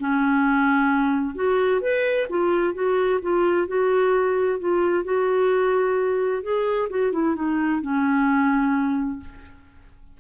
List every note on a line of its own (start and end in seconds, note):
0.00 1.35 C#4
1.35 1.81 F#4
1.81 2.28 B4
2.30 2.74 F4
2.74 3.20 F#4
3.22 3.68 F4
3.68 4.60 F#4
4.60 5.05 F4
5.05 6.43 F#4
6.43 6.89 G#4
6.90 7.13 F#4
7.13 7.36 E4
7.36 7.82 D#4
7.82 9.20 C#4